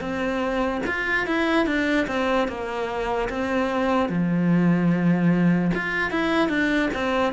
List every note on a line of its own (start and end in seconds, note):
0.00 0.81 C4
0.86 1.26 F4
1.26 1.66 E4
1.66 2.07 D4
2.07 2.48 C4
2.48 3.29 A#3
3.29 4.09 C4
4.09 5.71 F3
5.74 6.11 F4
6.11 6.49 E4
6.49 6.89 D4
6.94 7.33 C4